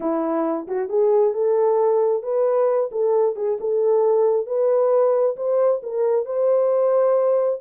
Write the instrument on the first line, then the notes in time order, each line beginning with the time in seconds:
horn
0.00 E4
0.67 F#4
0.89 G#4
1.33 A4
2.23 B4
2.91 A4
3.35 G#4
3.60 A4
4.46 B4
5.36 C5
5.82 A#4
6.25 C5